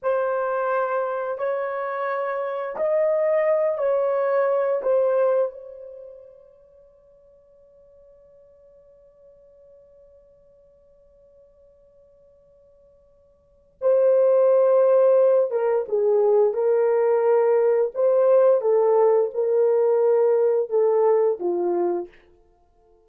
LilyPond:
\new Staff \with { instrumentName = "horn" } { \time 4/4 \tempo 4 = 87 c''2 cis''2 | dis''4. cis''4. c''4 | cis''1~ | cis''1~ |
cis''1 | c''2~ c''8 ais'8 gis'4 | ais'2 c''4 a'4 | ais'2 a'4 f'4 | }